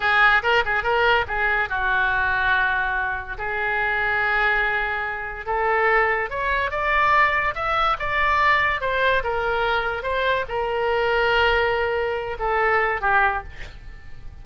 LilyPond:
\new Staff \with { instrumentName = "oboe" } { \time 4/4 \tempo 4 = 143 gis'4 ais'8 gis'8 ais'4 gis'4 | fis'1 | gis'1~ | gis'4 a'2 cis''4 |
d''2 e''4 d''4~ | d''4 c''4 ais'2 | c''4 ais'2.~ | ais'4. a'4. g'4 | }